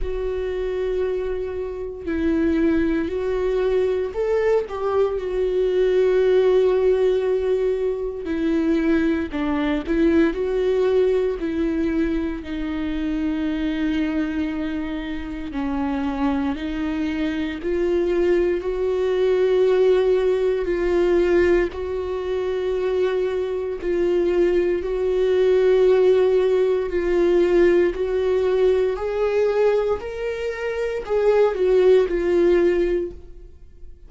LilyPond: \new Staff \with { instrumentName = "viola" } { \time 4/4 \tempo 4 = 58 fis'2 e'4 fis'4 | a'8 g'8 fis'2. | e'4 d'8 e'8 fis'4 e'4 | dis'2. cis'4 |
dis'4 f'4 fis'2 | f'4 fis'2 f'4 | fis'2 f'4 fis'4 | gis'4 ais'4 gis'8 fis'8 f'4 | }